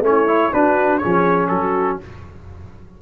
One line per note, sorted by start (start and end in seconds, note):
0.00 0.49 A3
0.00 0.27 C#4
0.00 0.53 C#5
0.07 0.52 E4
0.27 0.52 E4
0.52 1.01 D4
0.52 1.02 D4
0.52 1.01 F#4
0.52 0.98 B4
0.98 2.00 C#4
0.98 1.50 G#4
0.98 1.47 C#5
1.04 1.49 F3
1.47 1.98 F#3
1.47 2.01 F#4
1.47 1.97 A4